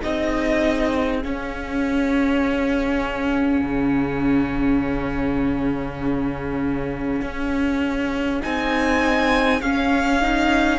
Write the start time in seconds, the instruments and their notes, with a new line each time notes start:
0.00 cello C4, viola D#4, violin G#4 D#5
1.23 viola C#4, cello C#4, violin F5
3.61 cello C#3
7.21 cello C#4
8.40 cello C4, viola D#4, violin G#5
9.61 cello C#4, viola C#4, violin F5
10.21 viola D#4